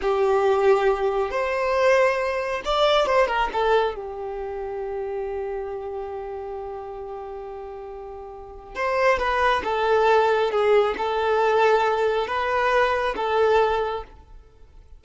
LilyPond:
\new Staff \with { instrumentName = "violin" } { \time 4/4 \tempo 4 = 137 g'2. c''4~ | c''2 d''4 c''8 ais'8 | a'4 g'2.~ | g'1~ |
g'1 | c''4 b'4 a'2 | gis'4 a'2. | b'2 a'2 | }